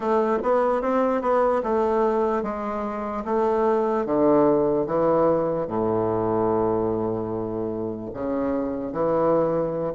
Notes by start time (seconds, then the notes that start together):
0.00 A3
0.43 B3
0.81 C4
1.21 B3
1.63 A3
2.43 G#3
3.24 A3
4.05 D3
4.86 E3
5.67 A2
8.13 C#3
8.92 E3